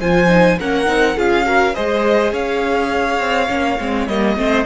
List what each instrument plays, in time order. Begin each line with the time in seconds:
0.00 cello F3, viola F4, violin C5 G#5
0.28 viola D#4
0.60 cello A#3, viola C#4, violin A#4 F#5
0.86 cello C4, viola D#4
1.17 cello C#4, viola F4, violin G#4 F5
1.46 viola F#4, violin A#4
1.75 cello G#3, viola G#4, violin C5 D#5
2.33 cello C#4, violin C#5 F5
3.20 cello C4
3.48 cello A#3, viola C#4
3.79 cello G#3, viola C4
4.08 cello G3, viola A#3, violin D#5
4.37 cello A3, viola C4, violin C5